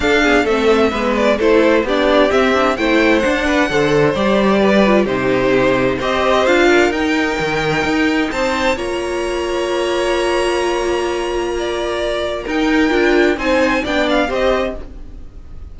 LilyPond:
<<
  \new Staff \with { instrumentName = "violin" } { \time 4/4 \tempo 4 = 130 f''4 e''4. d''8 c''4 | d''4 e''4 g''4 fis''4~ | fis''4 d''2 c''4~ | c''4 dis''4 f''4 g''4~ |
g''2 a''4 ais''4~ | ais''1~ | ais''2. g''4~ | g''4 gis''4 g''8 f''8 dis''4 | }
  \new Staff \with { instrumentName = "violin" } { \time 4/4 a'8 gis'8 a'4 b'4 a'4 | g'2 c''4. b'8 | c''2 b'4 g'4~ | g'4 c''4. ais'4.~ |
ais'2 c''4 cis''4~ | cis''1~ | cis''4 d''2 ais'4~ | ais'4 c''4 d''4 c''4 | }
  \new Staff \with { instrumentName = "viola" } { \time 4/4 d'8 b8 c'4 b4 e'4 | d'4 c'8 d'8 e'4 d'4 | a'4 g'4. f'8 dis'4~ | dis'4 g'4 f'4 dis'4~ |
dis'2. f'4~ | f'1~ | f'2. dis'4 | f'4 dis'4 d'4 g'4 | }
  \new Staff \with { instrumentName = "cello" } { \time 4/4 d'4 a4 gis4 a4 | b4 c'4 a4 d'4 | d4 g2 c4~ | c4 c'4 d'4 dis'4 |
dis4 dis'4 c'4 ais4~ | ais1~ | ais2. dis'4 | d'4 c'4 b4 c'4 | }
>>